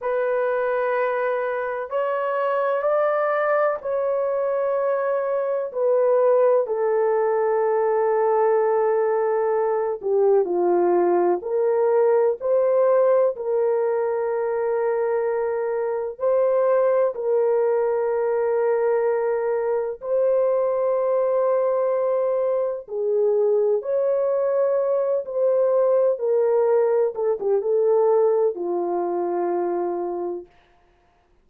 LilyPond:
\new Staff \with { instrumentName = "horn" } { \time 4/4 \tempo 4 = 63 b'2 cis''4 d''4 | cis''2 b'4 a'4~ | a'2~ a'8 g'8 f'4 | ais'4 c''4 ais'2~ |
ais'4 c''4 ais'2~ | ais'4 c''2. | gis'4 cis''4. c''4 ais'8~ | ais'8 a'16 g'16 a'4 f'2 | }